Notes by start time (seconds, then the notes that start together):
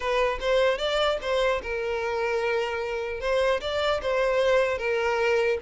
0.00 B4
0.40 C5
0.78 D5
1.21 C5
1.62 A#4
3.20 C5
3.61 D5
4.02 C5
4.77 A#4